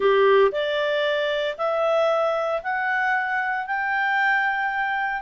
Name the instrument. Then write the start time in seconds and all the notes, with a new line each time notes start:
clarinet
0.00 G4
0.51 D5
1.57 E5
2.62 F#5
3.66 G5